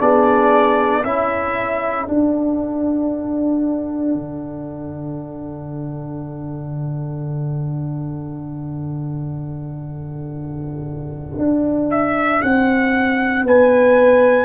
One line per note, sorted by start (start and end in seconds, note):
0.00 1.05 B3
0.00 1.03 D4
0.00 1.02 G#4
0.00 1.04 D5
1.02 2.08 C#4
1.02 2.08 E4
1.02 13.44 A4
1.02 2.08 E5
2.08 14.45 D4
2.08 4.14 D4
2.08 11.90 F#5
4.14 11.38 D3
11.38 12.42 D4
11.91 12.42 E5
12.42 13.44 C4
12.42 13.46 F#5
13.44 14.45 B3
13.44 14.45 B4
13.44 14.45 G#5